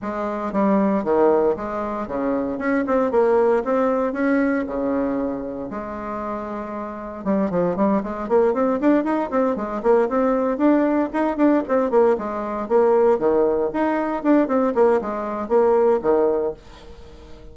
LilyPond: \new Staff \with { instrumentName = "bassoon" } { \time 4/4 \tempo 4 = 116 gis4 g4 dis4 gis4 | cis4 cis'8 c'8 ais4 c'4 | cis'4 cis2 gis4~ | gis2 g8 f8 g8 gis8 |
ais8 c'8 d'8 dis'8 c'8 gis8 ais8 c'8~ | c'8 d'4 dis'8 d'8 c'8 ais8 gis8~ | gis8 ais4 dis4 dis'4 d'8 | c'8 ais8 gis4 ais4 dis4 | }